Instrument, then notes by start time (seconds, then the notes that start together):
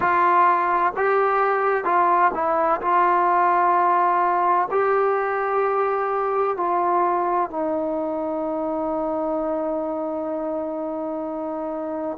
trombone
0.00 F4
0.96 G4
1.84 F4
2.34 E4
2.81 F4
4.70 G4
6.56 F4
7.50 D#4